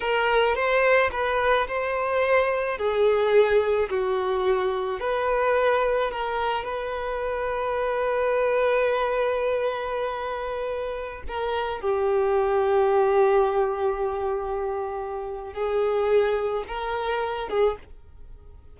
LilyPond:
\new Staff \with { instrumentName = "violin" } { \time 4/4 \tempo 4 = 108 ais'4 c''4 b'4 c''4~ | c''4 gis'2 fis'4~ | fis'4 b'2 ais'4 | b'1~ |
b'1~ | b'16 ais'4 g'2~ g'8.~ | g'1 | gis'2 ais'4. gis'8 | }